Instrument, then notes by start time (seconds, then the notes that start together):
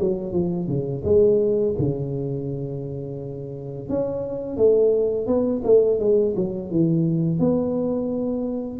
tuba
0.00 F#3
0.32 F3
0.67 C#3
1.04 G#3
1.78 C#3
3.89 C#4
4.57 A3
5.27 B3
5.64 A3
5.99 G#3
6.36 F#3
6.71 E3
7.40 B3